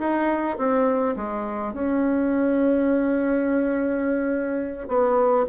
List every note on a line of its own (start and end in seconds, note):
0.00 0.58 D#4
0.58 1.16 C4
1.17 1.74 G#3
1.74 4.89 C#4
4.89 5.47 B3